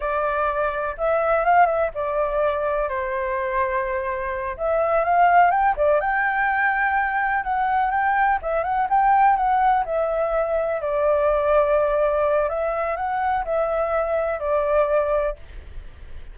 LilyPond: \new Staff \with { instrumentName = "flute" } { \time 4/4 \tempo 4 = 125 d''2 e''4 f''8 e''8 | d''2 c''2~ | c''4. e''4 f''4 g''8 | d''8 g''2. fis''8~ |
fis''8 g''4 e''8 fis''8 g''4 fis''8~ | fis''8 e''2 d''4.~ | d''2 e''4 fis''4 | e''2 d''2 | }